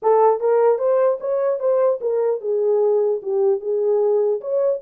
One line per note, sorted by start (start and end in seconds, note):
0.02 0.40 A4
0.40 0.78 A#4
0.78 1.18 C5
1.20 1.59 C#5
1.59 1.99 C5
2.01 2.40 A#4
2.40 3.20 G#4
3.22 3.60 G4
3.60 4.40 G#4
4.40 4.80 C#5